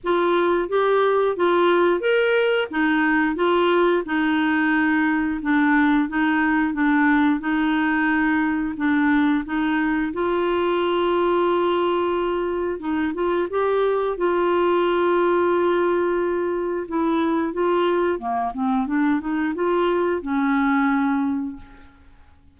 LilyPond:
\new Staff \with { instrumentName = "clarinet" } { \time 4/4 \tempo 4 = 89 f'4 g'4 f'4 ais'4 | dis'4 f'4 dis'2 | d'4 dis'4 d'4 dis'4~ | dis'4 d'4 dis'4 f'4~ |
f'2. dis'8 f'8 | g'4 f'2.~ | f'4 e'4 f'4 ais8 c'8 | d'8 dis'8 f'4 cis'2 | }